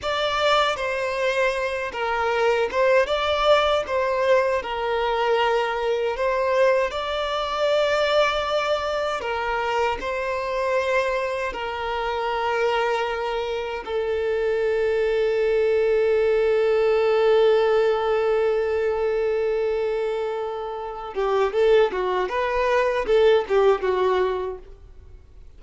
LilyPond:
\new Staff \with { instrumentName = "violin" } { \time 4/4 \tempo 4 = 78 d''4 c''4. ais'4 c''8 | d''4 c''4 ais'2 | c''4 d''2. | ais'4 c''2 ais'4~ |
ais'2 a'2~ | a'1~ | a'2.~ a'8 g'8 | a'8 fis'8 b'4 a'8 g'8 fis'4 | }